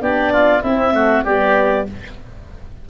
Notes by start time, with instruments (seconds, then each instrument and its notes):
0.00 tuba B3, horn D4, oboe G4, clarinet D5
0.32 oboe F4
0.61 horn C4, tuba C4, oboe E4, clarinet E5
0.92 horn A3, oboe F#4
1.24 tuba G3, horn B3, oboe G4, clarinet D5